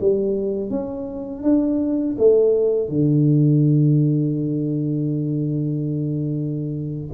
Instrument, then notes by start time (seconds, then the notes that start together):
tuba
0.00 G3
0.70 C#4
1.42 D4
2.18 A3
2.88 D3